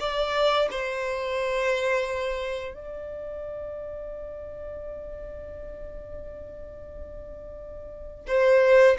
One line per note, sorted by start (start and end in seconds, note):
0.00 0.69 D5
0.71 2.75 C5
2.75 8.26 D5
8.28 8.97 C5